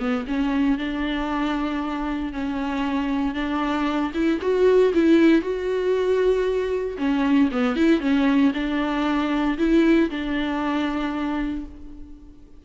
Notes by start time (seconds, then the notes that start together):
0.00 B3
0.28 C#4
0.78 D4
2.33 C#4
3.35 D4
4.14 E4
4.41 F#4
4.94 E4
5.42 F#4
6.98 C#4
7.52 B3
7.76 E4
8.01 C#4
8.54 D4
9.58 E4
10.10 D4